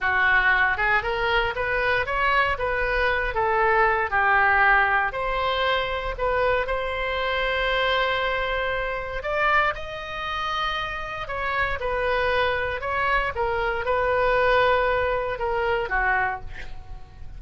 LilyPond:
\new Staff \with { instrumentName = "oboe" } { \time 4/4 \tempo 4 = 117 fis'4. gis'8 ais'4 b'4 | cis''4 b'4. a'4. | g'2 c''2 | b'4 c''2.~ |
c''2 d''4 dis''4~ | dis''2 cis''4 b'4~ | b'4 cis''4 ais'4 b'4~ | b'2 ais'4 fis'4 | }